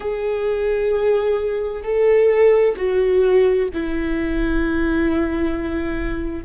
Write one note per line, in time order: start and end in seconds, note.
0.00 1.82 G#4
1.83 2.75 A4
2.76 3.68 F#4
3.73 6.44 E4